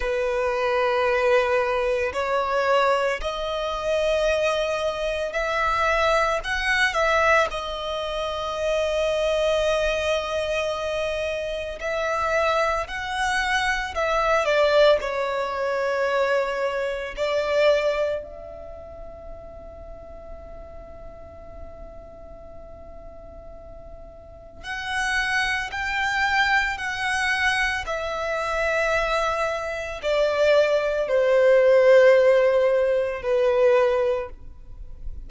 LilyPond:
\new Staff \with { instrumentName = "violin" } { \time 4/4 \tempo 4 = 56 b'2 cis''4 dis''4~ | dis''4 e''4 fis''8 e''8 dis''4~ | dis''2. e''4 | fis''4 e''8 d''8 cis''2 |
d''4 e''2.~ | e''2. fis''4 | g''4 fis''4 e''2 | d''4 c''2 b'4 | }